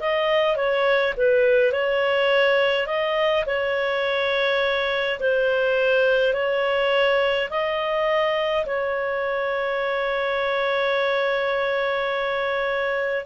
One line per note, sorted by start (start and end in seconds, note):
0.00 0.56 D#5
0.56 1.14 C#5
1.17 1.73 B4
1.73 2.87 C#5
2.87 3.45 D#5
3.46 5.19 C#5
5.20 6.34 C5
6.34 7.49 C#5
7.50 8.65 D#5
8.66 13.26 C#5